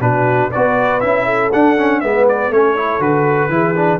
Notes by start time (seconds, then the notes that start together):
0.00 B2 D4 F#4 B4
0.51 B3 F#4 B4 D5
1.00 C#4 E4 E5
1.25 A4
1.52 D4 F#5
1.77 C#4
2.00 G#3 B3 B4 E5
2.28 D5
2.50 A3 C#4 A4 C#5
2.76 E4
2.99 D3 F#4 B4
3.49 E3 E4 G#4
3.75 D4